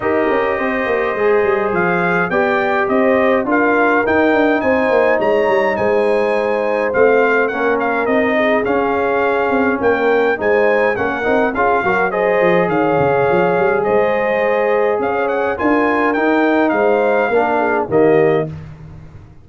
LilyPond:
<<
  \new Staff \with { instrumentName = "trumpet" } { \time 4/4 \tempo 4 = 104 dis''2. f''4 | g''4 dis''4 f''4 g''4 | gis''4 ais''4 gis''2 | f''4 fis''8 f''8 dis''4 f''4~ |
f''4 g''4 gis''4 fis''4 | f''4 dis''4 f''2 | dis''2 f''8 fis''8 gis''4 | g''4 f''2 dis''4 | }
  \new Staff \with { instrumentName = "horn" } { \time 4/4 ais'4 c''2. | d''4 c''4 ais'2 | c''4 cis''4 c''2~ | c''4 ais'4. gis'4.~ |
gis'4 ais'4 c''4 ais'4 | gis'8 ais'8 c''4 cis''2 | c''2 cis''4 ais'4~ | ais'4 c''4 ais'8 gis'8 g'4 | }
  \new Staff \with { instrumentName = "trombone" } { \time 4/4 g'2 gis'2 | g'2 f'4 dis'4~ | dis'1 | c'4 cis'4 dis'4 cis'4~ |
cis'2 dis'4 cis'8 dis'8 | f'8 fis'8 gis'2.~ | gis'2. f'4 | dis'2 d'4 ais4 | }
  \new Staff \with { instrumentName = "tuba" } { \time 4/4 dis'8 cis'8 c'8 ais8 gis8 g8 f4 | b4 c'4 d'4 dis'8 d'8 | c'8 ais8 gis8 g8 gis2 | a4 ais4 c'4 cis'4~ |
cis'8 c'8 ais4 gis4 ais8 c'8 | cis'8 fis4 f8 dis8 cis8 f8 g8 | gis2 cis'4 d'4 | dis'4 gis4 ais4 dis4 | }
>>